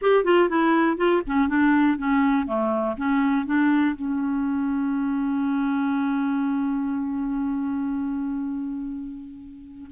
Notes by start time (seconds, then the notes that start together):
0.01 G4
0.24 F4
0.49 E4
0.97 F4
1.26 C#4
1.48 D4
1.97 C#4
2.47 A3
2.97 C#4
3.46 D4
3.95 C#4